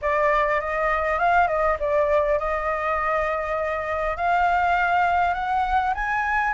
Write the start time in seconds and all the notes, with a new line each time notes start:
0.01 D5
0.60 D#5
1.19 F5
1.47 D#5
1.79 D5
2.38 D#5
4.16 F5
5.34 F#5
5.94 G#5